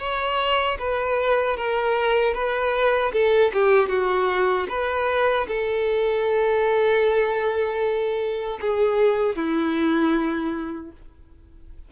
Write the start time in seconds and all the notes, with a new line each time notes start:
0.00 C#5
0.79 B4
1.57 A#4
2.34 B4
3.13 A4
3.53 G4
3.89 F#4
4.69 B4
5.48 A4
8.61 G#4
9.36 E4